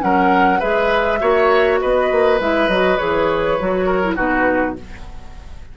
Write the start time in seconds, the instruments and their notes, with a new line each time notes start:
0.00 bassoon F#3, clarinet C#4, oboe A#4, flute F#5
0.60 bassoon G#3, clarinet G#4, oboe B4, flute E5
1.20 bassoon A#3, clarinet F#4, oboe C#5
1.80 bassoon B3, oboe B4, flute D#5
2.12 bassoon A#3
2.40 bassoon G#3, clarinet E4, flute E5
2.68 bassoon F#3, clarinet F#4, flute D#5
2.98 bassoon E3, clarinet G#4, flute C#5
3.60 bassoon F#3, clarinet F#4
3.86 oboe A#4
4.04 clarinet E4
4.16 bassoon B2, clarinet D#4, oboe F#4, flute B4